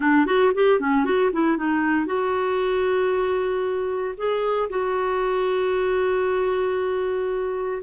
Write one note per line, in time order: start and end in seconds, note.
0.00 0.26 D4
0.26 0.52 F#4
0.54 0.80 G4
0.80 1.04 C#4
1.04 1.30 F#4
1.32 1.57 E4
1.57 2.06 D#4
2.06 4.15 F#4
4.17 4.69 G#4
4.69 7.82 F#4